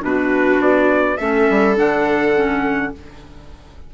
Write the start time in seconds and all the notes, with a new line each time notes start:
0.00 B2 D4 B4
0.06 F#4
0.59 B3 D5
1.17 A3 C#4 A4 E5
1.49 G3
1.75 D3 D4 F#5
2.35 C#4